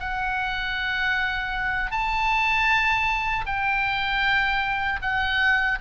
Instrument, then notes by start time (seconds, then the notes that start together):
oboe
0.00 F#5
1.91 A5
3.46 G5
5.02 F#5